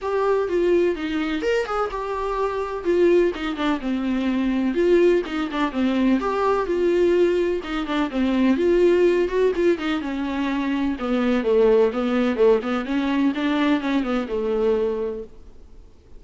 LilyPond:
\new Staff \with { instrumentName = "viola" } { \time 4/4 \tempo 4 = 126 g'4 f'4 dis'4 ais'8 gis'8 | g'2 f'4 dis'8 d'8 | c'2 f'4 dis'8 d'8 | c'4 g'4 f'2 |
dis'8 d'8 c'4 f'4. fis'8 | f'8 dis'8 cis'2 b4 | a4 b4 a8 b8 cis'4 | d'4 cis'8 b8 a2 | }